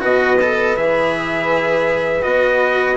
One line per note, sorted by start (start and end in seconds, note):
0.00 0.76 B2
0.00 0.37 F#4
0.00 2.96 B4
0.00 0.76 D#5
0.41 0.76 A4
0.76 2.25 E3
0.76 2.22 G#4
0.76 2.23 E5
2.22 2.96 B3
2.22 2.96 F#4
2.22 2.96 D#5